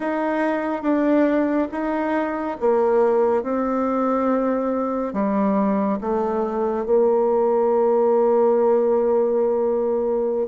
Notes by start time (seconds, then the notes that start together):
0.00 D#4
0.82 D4
1.71 D#4
2.59 A#3
3.42 C4
5.13 G3
6.00 A3
6.85 A#3